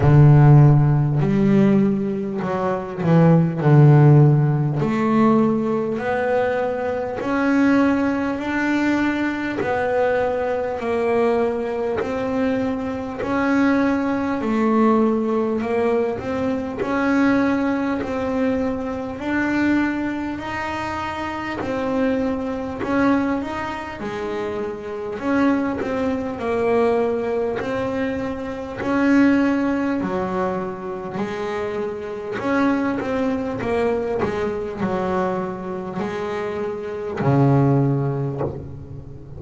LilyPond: \new Staff \with { instrumentName = "double bass" } { \time 4/4 \tempo 4 = 50 d4 g4 fis8 e8 d4 | a4 b4 cis'4 d'4 | b4 ais4 c'4 cis'4 | a4 ais8 c'8 cis'4 c'4 |
d'4 dis'4 c'4 cis'8 dis'8 | gis4 cis'8 c'8 ais4 c'4 | cis'4 fis4 gis4 cis'8 c'8 | ais8 gis8 fis4 gis4 cis4 | }